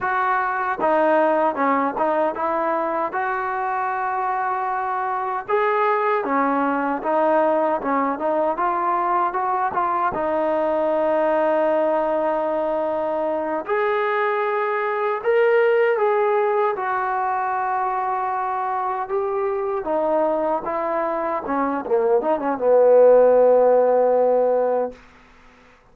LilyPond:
\new Staff \with { instrumentName = "trombone" } { \time 4/4 \tempo 4 = 77 fis'4 dis'4 cis'8 dis'8 e'4 | fis'2. gis'4 | cis'4 dis'4 cis'8 dis'8 f'4 | fis'8 f'8 dis'2.~ |
dis'4. gis'2 ais'8~ | ais'8 gis'4 fis'2~ fis'8~ | fis'8 g'4 dis'4 e'4 cis'8 | ais8 dis'16 cis'16 b2. | }